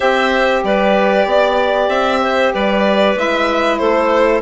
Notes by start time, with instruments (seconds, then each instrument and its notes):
0.00 bassoon C4, saxophone G4, clarinet C5, violin E5
0.63 bassoon G3, clarinet B4, violin D5
1.25 bassoon B3, clarinet D5
1.89 bassoon C4, violin E5
2.21 clarinet C5
2.53 bassoon G3, clarinet B4, violin D5
3.15 bassoon G#3, saxophone E4, violin E5
3.78 bassoon A3, clarinet A4, violin C5